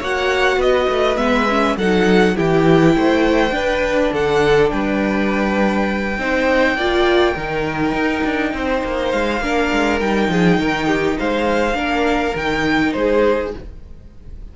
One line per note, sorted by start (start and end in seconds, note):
0.00 0.58 A#3
0.00 1.18 F#4
0.00 0.59 C#5
0.00 0.62 F#5
0.58 0.87 B3
0.58 1.77 B4
0.58 1.17 D#5
0.89 1.17 A3
1.17 1.76 G#3
1.17 1.47 B3
1.17 1.76 E5
1.49 1.79 C#4
1.77 2.36 F#3
1.77 2.36 D#4
1.77 2.36 A4
1.77 2.37 F#5
2.36 2.97 E3
2.36 3.51 E4
2.36 2.95 G4
2.36 4.14 G5
2.97 3.51 A3
2.97 3.55 C5
3.51 6.16 D4
3.51 4.10 D4
3.51 4.14 B4
4.13 4.72 D3
4.13 4.72 A4
4.13 4.70 F#5
4.70 6.18 G3
4.70 6.20 B4
4.70 9.11 G5
6.18 6.76 C4
6.18 6.79 D#4
6.18 6.77 C5
6.76 7.35 A#3
6.76 7.36 F4
6.76 7.34 D5
7.34 7.93 D#3
7.34 9.42 D#4
7.34 8.51 A#4
7.93 8.22 D#4
8.24 8.54 D4
8.54 8.83 C4
8.54 9.43 C5
8.84 9.14 A#3
9.11 9.41 G#3
9.11 10.00 F5
9.41 9.71 A#3
9.41 10.01 D4
9.41 10.31 A#4
9.73 10.01 G#3
10.01 10.29 G3
10.01 11.74 D#4
10.01 11.18 G5
10.29 10.58 F3
10.29 10.60 G#4
10.58 11.17 D#3
10.58 10.87 A#4
10.87 11.17 G4
11.19 11.75 G#3
11.19 11.77 C5
11.19 12.37 F5
11.74 12.33 A#3
11.74 12.33 D4
11.74 12.94 A#4
12.35 12.94 D#3
12.35 13.56 D#4
12.35 12.93 G5
12.93 13.54 G#3
12.93 13.57 G#4
12.93 13.52 C5